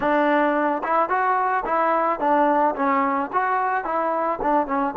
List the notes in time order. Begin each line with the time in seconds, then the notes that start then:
0.00 D4
0.83 E4
1.09 F#4
1.65 E4
2.19 D4
2.75 C#4
3.33 F#4
3.84 E4
4.42 D4
4.66 C#4